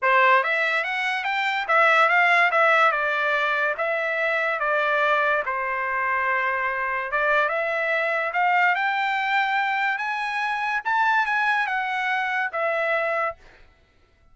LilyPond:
\new Staff \with { instrumentName = "trumpet" } { \time 4/4 \tempo 4 = 144 c''4 e''4 fis''4 g''4 | e''4 f''4 e''4 d''4~ | d''4 e''2 d''4~ | d''4 c''2.~ |
c''4 d''4 e''2 | f''4 g''2. | gis''2 a''4 gis''4 | fis''2 e''2 | }